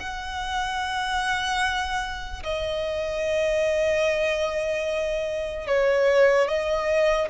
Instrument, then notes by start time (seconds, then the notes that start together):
violin
0.00 F#5
2.44 D#5
5.67 C#5
6.48 D#5